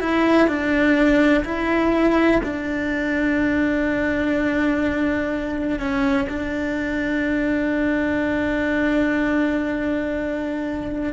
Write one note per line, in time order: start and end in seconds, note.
0.00 0.47 E4
0.47 1.44 D4
1.45 2.41 E4
2.44 5.79 D4
5.79 6.28 C#4
6.29 11.13 D4